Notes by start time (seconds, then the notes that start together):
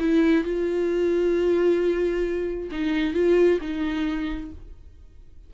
0.00 E4
0.45 F4
2.72 D#4
3.15 F4
3.62 D#4